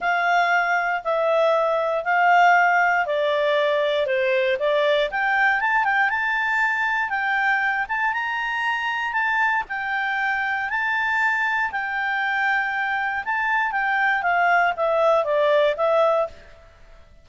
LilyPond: \new Staff \with { instrumentName = "clarinet" } { \time 4/4 \tempo 4 = 118 f''2 e''2 | f''2 d''2 | c''4 d''4 g''4 a''8 g''8 | a''2 g''4. a''8 |
ais''2 a''4 g''4~ | g''4 a''2 g''4~ | g''2 a''4 g''4 | f''4 e''4 d''4 e''4 | }